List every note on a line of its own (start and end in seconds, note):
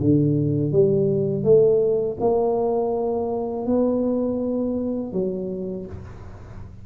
0.00 0.72 D3
0.72 1.44 G3
1.44 2.17 A3
2.21 3.66 A#3
3.66 5.13 B3
5.13 5.86 F#3